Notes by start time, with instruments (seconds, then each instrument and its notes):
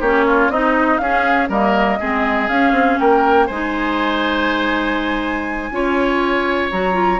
0.00 bassoon A#3, clarinet C#4, oboe G4, flute C#5
0.27 oboe F4
0.49 bassoon C4, oboe D#4, clarinet D#4, flute D#5
0.98 bassoon C#4, clarinet C#4, oboe G#4, flute F5
1.49 bassoon G3, clarinet A#3, oboe A#4, flute D#5
2.00 bassoon G#3, clarinet C4, oboe G#4
2.48 bassoon C#4, clarinet C#4, flute F5
2.72 bassoon C4
2.99 bassoon A#3, oboe A#4, flute G5
3.46 bassoon G#3, clarinet D#4, oboe C5, flute G#5
5.71 bassoon C#4, clarinet F4, oboe C#5
6.71 bassoon F#3, clarinet F#4, flute A#5
6.93 clarinet F4